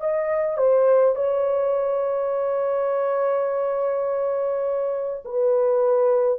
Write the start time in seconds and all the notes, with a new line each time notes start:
0.00 D#5
0.57 C5
1.15 C#5
5.25 B4